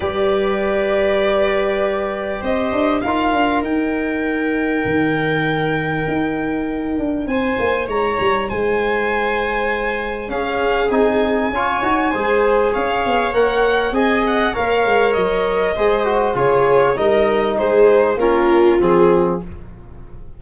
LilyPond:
<<
  \new Staff \with { instrumentName = "violin" } { \time 4/4 \tempo 4 = 99 d''1 | dis''4 f''4 g''2~ | g''1 | gis''4 ais''4 gis''2~ |
gis''4 f''4 gis''2~ | gis''4 f''4 fis''4 gis''8 fis''8 | f''4 dis''2 cis''4 | dis''4 c''4 ais'4 gis'4 | }
  \new Staff \with { instrumentName = "viola" } { \time 4/4 b'1 | c''4 ais'2.~ | ais'1 | c''4 cis''4 c''2~ |
c''4 gis'2 cis''4 | c''4 cis''2 dis''4 | cis''2 c''4 gis'4 | ais'4 gis'4 f'2 | }
  \new Staff \with { instrumentName = "trombone" } { \time 4/4 g'1~ | g'4 f'4 dis'2~ | dis'1~ | dis'1~ |
dis'4 cis'4 dis'4 f'8 fis'8 | gis'2 ais'4 gis'4 | ais'2 gis'8 fis'8 f'4 | dis'2 cis'4 c'4 | }
  \new Staff \with { instrumentName = "tuba" } { \time 4/4 g1 | c'8 d'8 dis'8 d'8 dis'2 | dis2 dis'4. d'8 | c'8 ais8 gis8 g8 gis2~ |
gis4 cis'4 c'4 cis'8 dis'8 | gis4 cis'8 b8 ais4 c'4 | ais8 gis8 fis4 gis4 cis4 | g4 gis4 ais4 f4 | }
>>